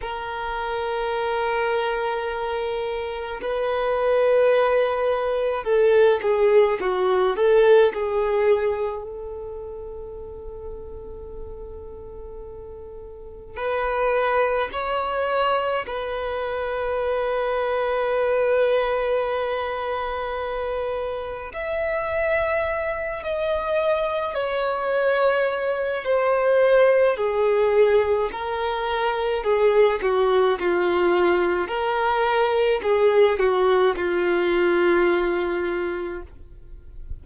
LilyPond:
\new Staff \with { instrumentName = "violin" } { \time 4/4 \tempo 4 = 53 ais'2. b'4~ | b'4 a'8 gis'8 fis'8 a'8 gis'4 | a'1 | b'4 cis''4 b'2~ |
b'2. e''4~ | e''8 dis''4 cis''4. c''4 | gis'4 ais'4 gis'8 fis'8 f'4 | ais'4 gis'8 fis'8 f'2 | }